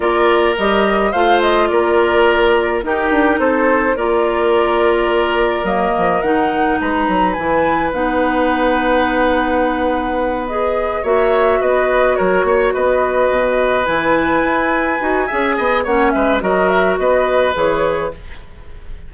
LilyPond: <<
  \new Staff \with { instrumentName = "flute" } { \time 4/4 \tempo 4 = 106 d''4 dis''4 f''8 dis''8 d''4~ | d''4 ais'4 c''4 d''4~ | d''2 dis''4 fis''4 | ais''4 gis''4 fis''2~ |
fis''2~ fis''8 dis''4 e''8~ | e''8 dis''4 cis''4 dis''4.~ | dis''8 gis''2.~ gis''8 | fis''8 e''8 dis''8 e''8 dis''4 cis''4 | }
  \new Staff \with { instrumentName = "oboe" } { \time 4/4 ais'2 c''4 ais'4~ | ais'4 g'4 a'4 ais'4~ | ais'1 | b'1~ |
b'2.~ b'8 cis''8~ | cis''8 b'4 ais'8 cis''8 b'4.~ | b'2. e''8 dis''8 | cis''8 b'8 ais'4 b'2 | }
  \new Staff \with { instrumentName = "clarinet" } { \time 4/4 f'4 g'4 f'2~ | f'4 dis'2 f'4~ | f'2 ais4 dis'4~ | dis'4 e'4 dis'2~ |
dis'2~ dis'8 gis'4 fis'8~ | fis'1~ | fis'8 e'2 fis'8 gis'4 | cis'4 fis'2 gis'4 | }
  \new Staff \with { instrumentName = "bassoon" } { \time 4/4 ais4 g4 a4 ais4~ | ais4 dis'8 d'8 c'4 ais4~ | ais2 fis8 f8 dis4 | gis8 fis8 e4 b2~ |
b2.~ b8 ais8~ | ais8 b4 fis8 ais8 b4 b,8~ | b,8 e4 e'4 dis'8 cis'8 b8 | ais8 gis8 fis4 b4 e4 | }
>>